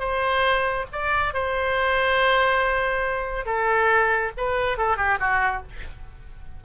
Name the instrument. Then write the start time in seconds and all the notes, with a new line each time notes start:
oboe
0.00 C5
0.93 D5
1.34 C5
3.46 A4
4.37 B4
4.78 A4
4.97 G4
5.20 F#4